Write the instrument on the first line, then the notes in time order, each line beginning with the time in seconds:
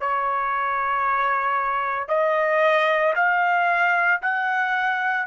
trumpet
0.00 C#5
2.08 D#5
3.16 F5
4.22 F#5